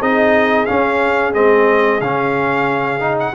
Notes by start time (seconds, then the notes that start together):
0.00 C4 D#4 G#4 D#5
0.66 C#4 F5
1.34 G#3 C4 D#5
2.01 C#3 C#4 F5
3.00 D#4
3.20 F#5